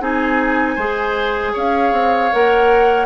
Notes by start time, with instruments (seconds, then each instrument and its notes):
0.00 bassoon C4, clarinet D#4, oboe G#4, flute G#5
0.75 bassoon G#3, clarinet G#4, oboe C5
1.53 bassoon C#4, oboe C#5, flute F5
1.92 bassoon C4
2.33 bassoon A#3, clarinet A#4, flute F#5